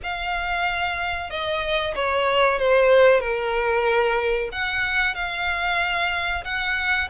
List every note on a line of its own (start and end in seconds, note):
0.03 1.30 F5
1.30 1.94 D#5
1.95 2.58 C#5
2.58 3.20 C5
3.20 4.49 A#4
4.52 5.14 F#5
5.14 6.43 F5
6.44 7.09 F#5